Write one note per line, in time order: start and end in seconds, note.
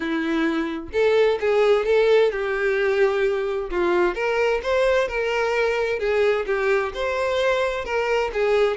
0.00 0.89 E4
0.92 1.38 A4
1.40 1.85 G#4
1.85 2.31 A4
2.31 3.70 G4
3.70 4.14 F4
4.14 4.60 A#4
4.62 5.07 C5
5.07 5.99 A#4
5.99 6.45 G#4
6.46 6.92 G4
6.93 7.84 C5
7.84 8.31 A#4
8.33 8.77 G#4